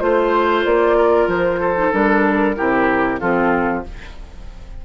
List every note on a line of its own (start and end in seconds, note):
0.00 0.65 A3
0.00 1.76 F4
0.00 0.64 C5
0.00 0.97 C5
0.65 1.28 A#3
0.65 1.29 D5
0.97 1.60 A#4
1.28 1.91 F3
1.28 1.93 C5
1.60 2.56 A4
1.76 1.92 D#4
1.92 2.57 G3
1.92 2.56 D4
1.92 3.20 A#4
2.56 3.22 C3
2.56 3.20 E4
2.56 3.20 G4
3.20 3.85 F3
3.20 3.84 C4
3.20 3.84 F4
3.20 3.84 A4